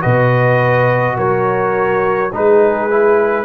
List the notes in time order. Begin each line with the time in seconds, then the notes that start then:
0.00 B2 F#4 B4 D#5
1.16 F#3 A#4 C#5
2.32 G#3 D#4 G#4 B4
2.90 E4